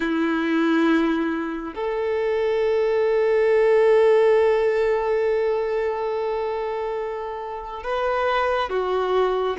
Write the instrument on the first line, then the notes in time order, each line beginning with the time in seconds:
violin
0.00 E4
1.74 A4
7.83 B4
8.69 F#4